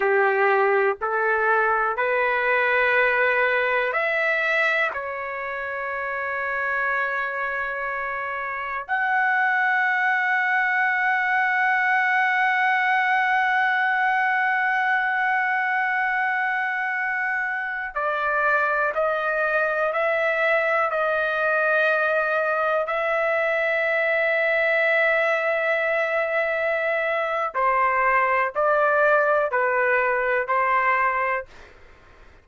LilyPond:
\new Staff \with { instrumentName = "trumpet" } { \time 4/4 \tempo 4 = 61 g'4 a'4 b'2 | e''4 cis''2.~ | cis''4 fis''2.~ | fis''1~ |
fis''2~ fis''16 d''4 dis''8.~ | dis''16 e''4 dis''2 e''8.~ | e''1 | c''4 d''4 b'4 c''4 | }